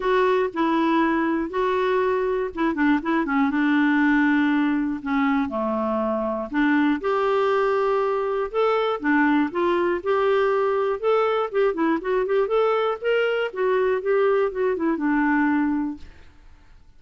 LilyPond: \new Staff \with { instrumentName = "clarinet" } { \time 4/4 \tempo 4 = 120 fis'4 e'2 fis'4~ | fis'4 e'8 d'8 e'8 cis'8 d'4~ | d'2 cis'4 a4~ | a4 d'4 g'2~ |
g'4 a'4 d'4 f'4 | g'2 a'4 g'8 e'8 | fis'8 g'8 a'4 ais'4 fis'4 | g'4 fis'8 e'8 d'2 | }